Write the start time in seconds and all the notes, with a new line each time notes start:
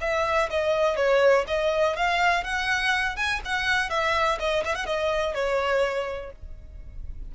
0.00 E5
0.50 D#5
0.96 C#5
1.47 D#5
1.96 F5
2.43 F#5
3.16 G#5
3.45 F#5
3.90 E5
4.39 D#5
4.64 E5
4.74 F#5
4.85 D#5
5.34 C#5